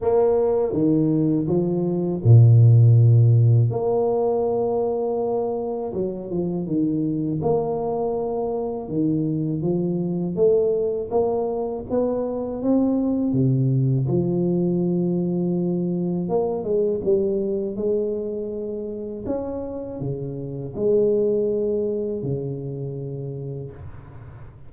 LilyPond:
\new Staff \with { instrumentName = "tuba" } { \time 4/4 \tempo 4 = 81 ais4 dis4 f4 ais,4~ | ais,4 ais2. | fis8 f8 dis4 ais2 | dis4 f4 a4 ais4 |
b4 c'4 c4 f4~ | f2 ais8 gis8 g4 | gis2 cis'4 cis4 | gis2 cis2 | }